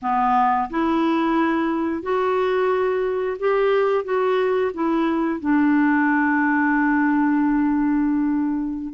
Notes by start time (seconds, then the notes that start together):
0.02 B3
0.70 E4
2.02 F#4
3.39 G4
4.04 F#4
4.73 E4
5.40 D4